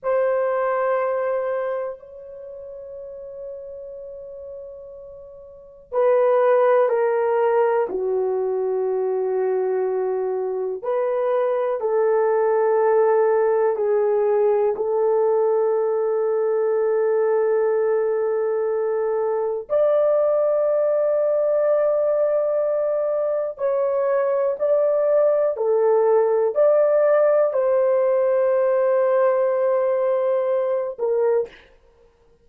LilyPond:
\new Staff \with { instrumentName = "horn" } { \time 4/4 \tempo 4 = 61 c''2 cis''2~ | cis''2 b'4 ais'4 | fis'2. b'4 | a'2 gis'4 a'4~ |
a'1 | d''1 | cis''4 d''4 a'4 d''4 | c''2.~ c''8 ais'8 | }